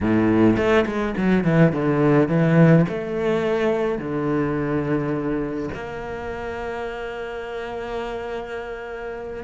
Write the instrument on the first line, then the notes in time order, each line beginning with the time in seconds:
cello
0.00 A2
0.56 A3
0.86 G#3
1.17 F#3
1.44 E3
1.72 D3
2.28 E3
2.88 A3
3.98 D3
5.74 A#3